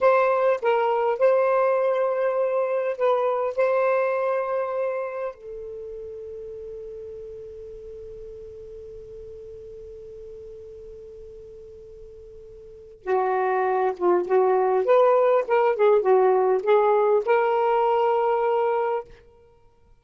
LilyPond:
\new Staff \with { instrumentName = "saxophone" } { \time 4/4 \tempo 4 = 101 c''4 ais'4 c''2~ | c''4 b'4 c''2~ | c''4 a'2.~ | a'1~ |
a'1~ | a'2 fis'4. f'8 | fis'4 b'4 ais'8 gis'8 fis'4 | gis'4 ais'2. | }